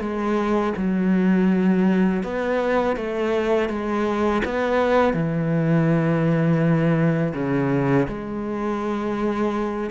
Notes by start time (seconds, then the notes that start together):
0.00 G#3
0.77 F#3
2.23 B3
2.96 A3
3.69 G#3
4.45 B3
5.14 E3
7.34 C#3
8.08 G#3